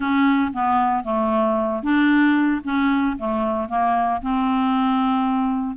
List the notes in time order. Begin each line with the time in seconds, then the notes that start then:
0.00 C#4
0.53 B3
1.04 A3
1.82 D4
2.64 C#4
3.18 A3
3.68 A#3
4.22 C4